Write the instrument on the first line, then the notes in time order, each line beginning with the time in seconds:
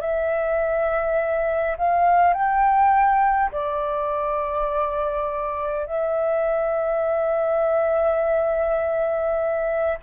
flute
0.00 E5
1.78 F5
2.33 G5
3.51 D5
5.86 E5